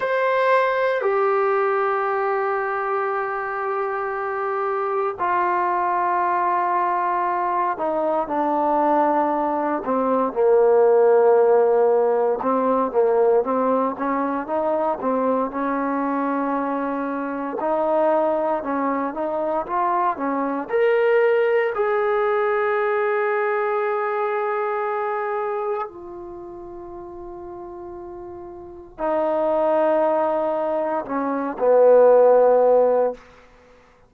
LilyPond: \new Staff \with { instrumentName = "trombone" } { \time 4/4 \tempo 4 = 58 c''4 g'2.~ | g'4 f'2~ f'8 dis'8 | d'4. c'8 ais2 | c'8 ais8 c'8 cis'8 dis'8 c'8 cis'4~ |
cis'4 dis'4 cis'8 dis'8 f'8 cis'8 | ais'4 gis'2.~ | gis'4 f'2. | dis'2 cis'8 b4. | }